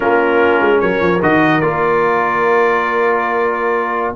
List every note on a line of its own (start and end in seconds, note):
0.00 0.61 A#3
0.00 1.18 C#4
0.00 0.78 F4
0.00 0.80 A#4
0.61 0.81 G#3
0.80 1.01 F#3
0.80 4.15 A#4
0.80 1.20 C#5
1.01 1.21 F3
1.22 1.61 D#3
1.22 1.62 F#4
1.22 1.60 D#5
1.60 4.14 A#3
1.60 4.15 F4
1.60 4.14 D5